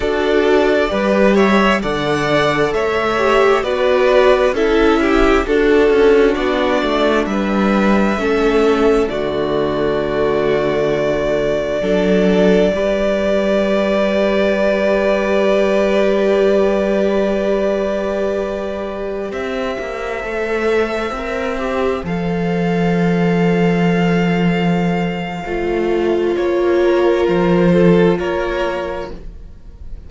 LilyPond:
<<
  \new Staff \with { instrumentName = "violin" } { \time 4/4 \tempo 4 = 66 d''4. e''8 fis''4 e''4 | d''4 e''4 a'4 d''4 | e''2 d''2~ | d''1~ |
d''1~ | d''4~ d''16 e''2~ e''8.~ | e''16 f''2.~ f''8.~ | f''4 cis''4 c''4 cis''4 | }
  \new Staff \with { instrumentName = "violin" } { \time 4/4 a'4 b'8 cis''8 d''4 cis''4 | b'4 a'8 g'8 fis'2 | b'4 a'4 fis'2~ | fis'4 a'4 b'2~ |
b'1~ | b'4~ b'16 c''2~ c''8.~ | c''1~ | c''4. ais'4 a'8 ais'4 | }
  \new Staff \with { instrumentName = "viola" } { \time 4/4 fis'4 g'4 a'4. g'8 | fis'4 e'4 d'2~ | d'4 cis'4 a2~ | a4 d'4 g'2~ |
g'1~ | g'2~ g'16 a'4 ais'8 g'16~ | g'16 a'2.~ a'8. | f'1 | }
  \new Staff \with { instrumentName = "cello" } { \time 4/4 d'4 g4 d4 a4 | b4 cis'4 d'8 cis'8 b8 a8 | g4 a4 d2~ | d4 fis4 g2~ |
g1~ | g4~ g16 c'8 ais8 a4 c'8.~ | c'16 f2.~ f8. | a4 ais4 f4 ais4 | }
>>